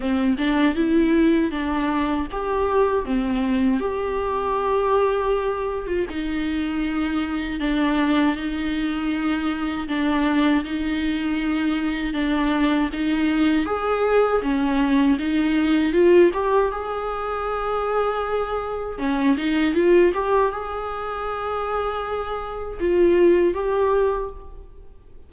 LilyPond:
\new Staff \with { instrumentName = "viola" } { \time 4/4 \tempo 4 = 79 c'8 d'8 e'4 d'4 g'4 | c'4 g'2~ g'8. f'16 | dis'2 d'4 dis'4~ | dis'4 d'4 dis'2 |
d'4 dis'4 gis'4 cis'4 | dis'4 f'8 g'8 gis'2~ | gis'4 cis'8 dis'8 f'8 g'8 gis'4~ | gis'2 f'4 g'4 | }